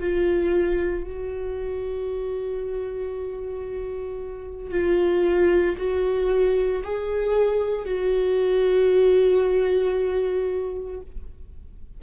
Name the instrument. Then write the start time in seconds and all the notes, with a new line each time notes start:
viola
0.00 F4
1.04 F#4
4.71 F4
5.78 F#4
6.84 G#4
7.85 F#4